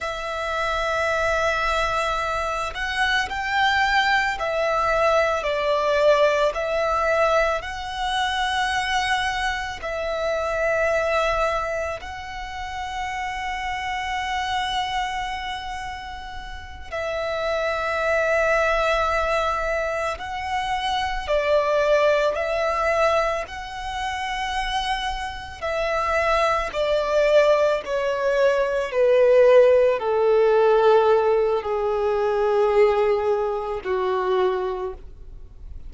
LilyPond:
\new Staff \with { instrumentName = "violin" } { \time 4/4 \tempo 4 = 55 e''2~ e''8 fis''8 g''4 | e''4 d''4 e''4 fis''4~ | fis''4 e''2 fis''4~ | fis''2.~ fis''8 e''8~ |
e''2~ e''8 fis''4 d''8~ | d''8 e''4 fis''2 e''8~ | e''8 d''4 cis''4 b'4 a'8~ | a'4 gis'2 fis'4 | }